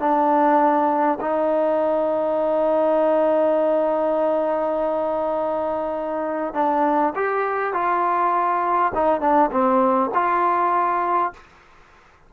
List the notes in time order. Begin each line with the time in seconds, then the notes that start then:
0.00 D4
1.21 D#4
6.54 D4
7.16 G4
7.74 F4
8.95 D#4
9.21 D4
9.52 C4
10.14 F4